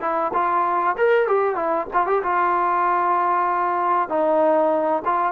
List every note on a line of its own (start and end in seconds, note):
0.00 0.31 E4
0.33 0.96 F4
0.97 1.27 A#4
1.27 1.55 G4
1.55 1.86 E4
1.93 2.06 F4
2.06 2.22 G4
2.23 4.09 F4
4.09 5.02 D#4
5.05 5.32 F4